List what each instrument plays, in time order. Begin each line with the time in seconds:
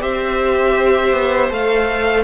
0.00 cello C4, viola G4, violin C5 E5
1.12 cello B3
1.50 cello A3, viola A4, violin F5